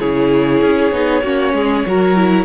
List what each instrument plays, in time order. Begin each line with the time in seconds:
0.00 cello C#3, viola E4, violin G#4 C#5
0.62 cello C#4
0.92 cello B3, viola D#4
1.23 cello A#3, viola C#4, violin F#4
1.53 cello G#3, violin G#4
1.87 cello F#3, viola F#4, violin A#4
2.16 viola E4